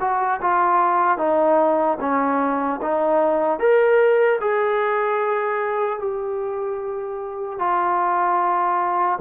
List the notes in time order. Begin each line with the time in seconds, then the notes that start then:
0.00 F#4
0.41 F4
1.18 D#4
2.00 C#4
2.81 D#4
3.59 A#4
4.40 G#4
5.99 G4
7.59 F4